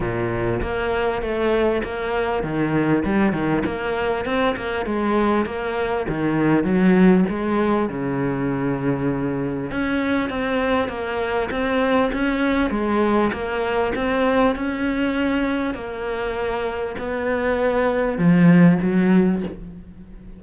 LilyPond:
\new Staff \with { instrumentName = "cello" } { \time 4/4 \tempo 4 = 99 ais,4 ais4 a4 ais4 | dis4 g8 dis8 ais4 c'8 ais8 | gis4 ais4 dis4 fis4 | gis4 cis2. |
cis'4 c'4 ais4 c'4 | cis'4 gis4 ais4 c'4 | cis'2 ais2 | b2 f4 fis4 | }